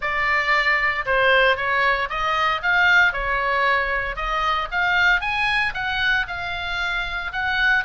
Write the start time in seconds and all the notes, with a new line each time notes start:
0.01 D5
1.05 C5
1.56 C#5
2.09 D#5
2.62 F5
3.12 C#5
4.15 D#5
4.71 F5
5.21 G#5
5.74 F#5
6.28 F5
7.32 F#5